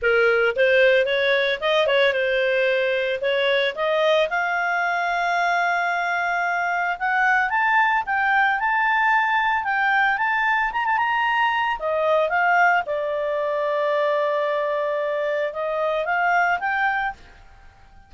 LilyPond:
\new Staff \with { instrumentName = "clarinet" } { \time 4/4 \tempo 4 = 112 ais'4 c''4 cis''4 dis''8 cis''8 | c''2 cis''4 dis''4 | f''1~ | f''4 fis''4 a''4 g''4 |
a''2 g''4 a''4 | ais''16 a''16 ais''4. dis''4 f''4 | d''1~ | d''4 dis''4 f''4 g''4 | }